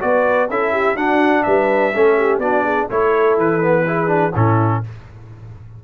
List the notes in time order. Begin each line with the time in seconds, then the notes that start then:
0.00 B3 F#4 B4 D5
0.49 C#4 E4 A4 E5
0.72 G4
0.95 D4 F#4 F#5
1.43 G3 B4 E5
1.94 A3 C#4 A4
2.17 G4
2.38 B3 D4 F#4 D5
2.64 G#4
2.89 A3 E4 A4 C#5
3.38 E3 B4
3.62 B3
3.86 E4 G#4
4.07 D4
4.35 A2 C#4 E4 A4